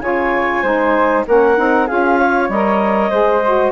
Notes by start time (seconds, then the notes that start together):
0.00 C#3 F4 C#5 G#5
0.62 G#3 D#4 C5
1.26 A#3 C#4 A#4 F#5
1.57 C4 D#4
1.87 C#4 F4 G#4 F5
2.19 C#5
2.48 G3 A#4 D#5
3.10 G#3 G#4 C5
3.45 F#4